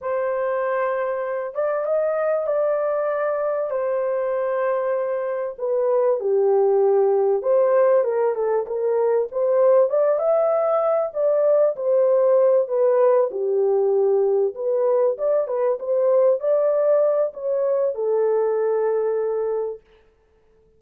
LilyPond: \new Staff \with { instrumentName = "horn" } { \time 4/4 \tempo 4 = 97 c''2~ c''8 d''8 dis''4 | d''2 c''2~ | c''4 b'4 g'2 | c''4 ais'8 a'8 ais'4 c''4 |
d''8 e''4. d''4 c''4~ | c''8 b'4 g'2 b'8~ | b'8 d''8 b'8 c''4 d''4. | cis''4 a'2. | }